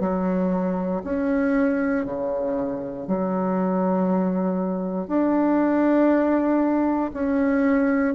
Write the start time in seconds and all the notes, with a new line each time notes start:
0.00 F#3
1.04 C#4
2.05 C#3
3.07 F#3
5.08 D4
7.14 C#4